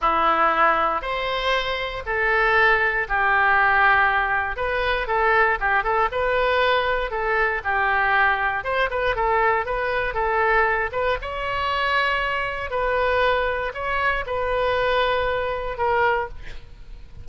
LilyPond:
\new Staff \with { instrumentName = "oboe" } { \time 4/4 \tempo 4 = 118 e'2 c''2 | a'2 g'2~ | g'4 b'4 a'4 g'8 a'8 | b'2 a'4 g'4~ |
g'4 c''8 b'8 a'4 b'4 | a'4. b'8 cis''2~ | cis''4 b'2 cis''4 | b'2. ais'4 | }